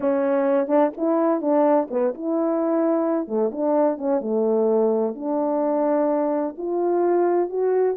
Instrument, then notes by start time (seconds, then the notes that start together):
horn
0.00 C#4
0.67 D4
0.97 E4
1.41 D4
1.90 B3
2.14 E4
3.27 A3
3.51 D4
3.97 C#4
4.21 A3
5.15 D4
6.57 F4
7.49 F#4